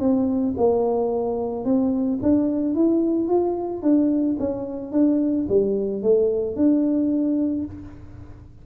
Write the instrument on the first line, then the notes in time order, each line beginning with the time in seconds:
tuba
0.00 C4
0.58 A#3
1.65 C4
2.22 D4
2.75 E4
3.29 F4
3.83 D4
4.40 C#4
4.92 D4
5.49 G3
6.03 A3
6.56 D4